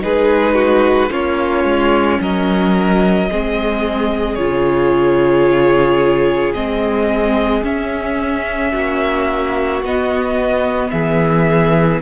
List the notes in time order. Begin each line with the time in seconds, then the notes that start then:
0.00 G#3 D#4 G#4 B4
0.55 F#4
1.10 A#3 C#4 F4 C#5
1.64 G#3
2.20 F#3 A#4 D#5
3.30 G#3 C4 G#4
4.35 C#3 F4 C#5
6.54 G#3 C4 D#5
7.63 C#4 E5
8.71 A#3 F#4
9.82 B3 D#5
10.90 E3 G#4 E5